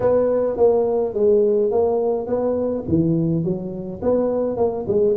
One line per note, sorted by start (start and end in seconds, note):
0.00 0.57 B3
0.57 1.14 A#3
1.14 1.71 G#3
1.71 2.26 A#3
2.26 2.83 B3
2.88 3.43 E3
3.43 4.01 F#3
4.02 4.56 B3
4.56 4.85 A#3
4.87 5.16 G#3